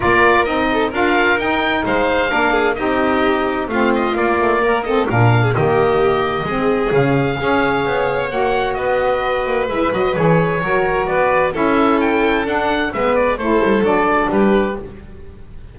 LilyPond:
<<
  \new Staff \with { instrumentName = "oboe" } { \time 4/4 \tempo 4 = 130 d''4 dis''4 f''4 g''4 | f''2 dis''2 | f''8 dis''8 d''4. dis''8 f''4 | dis''2. f''4~ |
f''2 fis''4 dis''4~ | dis''4 e''8 dis''8 cis''2 | d''4 e''4 g''4 fis''4 | e''8 d''8 c''4 d''4 b'4 | }
  \new Staff \with { instrumentName = "violin" } { \time 4/4 ais'4. a'8 ais'2 | c''4 ais'8 gis'8 g'2 | f'2 ais'8 a'8 ais'8. gis'16 | g'2 gis'2 |
cis''2. b'4~ | b'2. ais'4 | b'4 a'2. | b'4 a'2 g'4 | }
  \new Staff \with { instrumentName = "saxophone" } { \time 4/4 f'4 dis'4 f'4 dis'4~ | dis'4 d'4 dis'2 | c'4 ais8 a8 ais8 c'8 d'4 | ais2 c'4 cis'4 |
gis'2 fis'2~ | fis'4 e'8 fis'8 gis'4 fis'4~ | fis'4 e'2 d'4 | b4 e'4 d'2 | }
  \new Staff \with { instrumentName = "double bass" } { \time 4/4 ais4 c'4 d'4 dis'4 | gis4 ais4 c'2 | a4 ais2 ais,4 | dis2 gis4 cis4 |
cis'4 b4 ais4 b4~ | b8 ais8 gis8 fis8 e4 fis4 | b4 cis'2 d'4 | gis4 a8 g8 fis4 g4 | }
>>